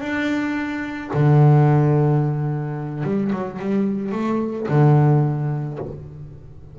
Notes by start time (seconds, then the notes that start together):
0.00 D4
1.13 D3
3.04 G3
3.32 F#3
3.59 G3
4.12 A3
4.68 D3